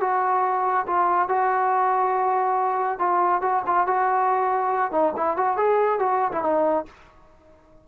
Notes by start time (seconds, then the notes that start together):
0.00 F#4
0.87 F4
1.28 F#4
2.98 F4
3.41 F#4
3.66 F4
3.86 F#4
4.91 D#4
5.16 E4
5.36 F#4
5.57 G#4
5.99 F#4
6.32 E4
6.42 D#4